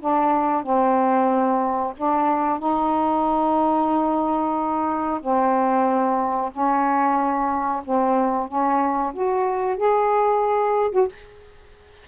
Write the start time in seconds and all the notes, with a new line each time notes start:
0.00 D4
0.63 C4
1.97 D4
2.59 D#4
5.21 C4
6.52 C#4
7.85 C4
8.48 C#4
9.13 F#4
9.77 G#4
10.92 F#4